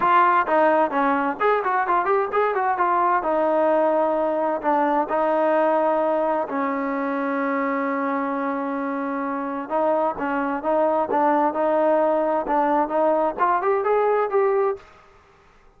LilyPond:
\new Staff \with { instrumentName = "trombone" } { \time 4/4 \tempo 4 = 130 f'4 dis'4 cis'4 gis'8 fis'8 | f'8 g'8 gis'8 fis'8 f'4 dis'4~ | dis'2 d'4 dis'4~ | dis'2 cis'2~ |
cis'1~ | cis'4 dis'4 cis'4 dis'4 | d'4 dis'2 d'4 | dis'4 f'8 g'8 gis'4 g'4 | }